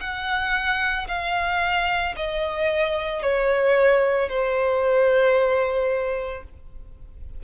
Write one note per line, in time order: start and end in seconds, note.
0.00 1.07 F#5
1.08 2.15 F5
2.16 3.22 D#5
3.22 4.29 C#5
4.29 6.43 C5